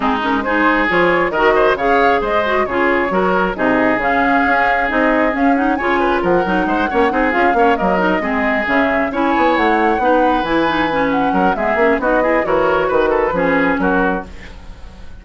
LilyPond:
<<
  \new Staff \with { instrumentName = "flute" } { \time 4/4 \tempo 4 = 135 gis'8 ais'8 c''4 cis''4 dis''4 | f''4 dis''4 cis''2 | dis''4 f''2 dis''4 | f''8 fis''8 gis''4 fis''2~ |
fis''8 f''4 dis''2 e''8~ | e''8 gis''4 fis''2 gis''8~ | gis''4 fis''4 e''4 dis''4 | cis''4 b'2 ais'4 | }
  \new Staff \with { instrumentName = "oboe" } { \time 4/4 dis'4 gis'2 ais'8 c''8 | cis''4 c''4 gis'4 ais'4 | gis'1~ | gis'4 cis''8 b'8 ais'4 c''8 cis''8 |
gis'4 cis''8 ais'4 gis'4.~ | gis'8 cis''2 b'4.~ | b'4. ais'8 gis'4 fis'8 gis'8 | ais'4 b'8 a'8 gis'4 fis'4 | }
  \new Staff \with { instrumentName = "clarinet" } { \time 4/4 c'8 cis'8 dis'4 f'4 fis'4 | gis'4. fis'8 f'4 fis'4 | dis'4 cis'2 dis'4 | cis'8 dis'8 f'4. dis'4 cis'8 |
dis'8 f'8 cis'8 ais8 dis'8 c'4 cis'8~ | cis'8 e'2 dis'4 e'8 | dis'8 cis'4. b8 cis'8 dis'8 e'8 | fis'2 cis'2 | }
  \new Staff \with { instrumentName = "bassoon" } { \time 4/4 gis2 f4 dis4 | cis4 gis4 cis4 fis4 | c4 cis4 cis'4 c'4 | cis'4 cis4 f8 fis8 gis8 ais8 |
c'8 cis'8 ais8 fis4 gis4 cis8~ | cis8 cis'8 b8 a4 b4 e8~ | e4. fis8 gis8 ais8 b4 | e4 dis4 f4 fis4 | }
>>